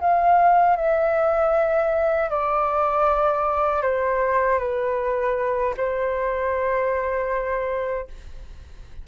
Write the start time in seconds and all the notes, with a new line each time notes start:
0.00 F5
0.76 E5
2.30 D5
3.82 C5
4.58 B4
5.77 C5